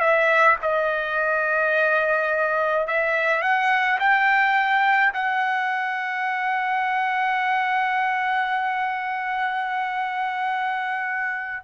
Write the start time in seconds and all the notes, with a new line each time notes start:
0.00 E5
0.62 D#5
2.87 E5
3.42 F#5
4.00 G5
5.14 F#5